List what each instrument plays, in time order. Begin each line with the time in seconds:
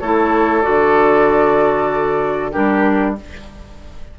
0.00 bassoon A3, clarinet E4, oboe A4, flute C#5
0.62 bassoon D3, clarinet F#4, flute D5
2.52 bassoon G3, clarinet D4, oboe G4, flute A#4